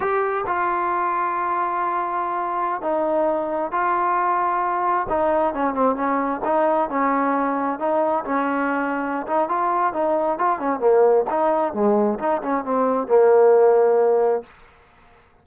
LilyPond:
\new Staff \with { instrumentName = "trombone" } { \time 4/4 \tempo 4 = 133 g'4 f'2.~ | f'2~ f'16 dis'4.~ dis'16~ | dis'16 f'2. dis'8.~ | dis'16 cis'8 c'8 cis'4 dis'4 cis'8.~ |
cis'4~ cis'16 dis'4 cis'4.~ cis'16~ | cis'8 dis'8 f'4 dis'4 f'8 cis'8 | ais4 dis'4 gis4 dis'8 cis'8 | c'4 ais2. | }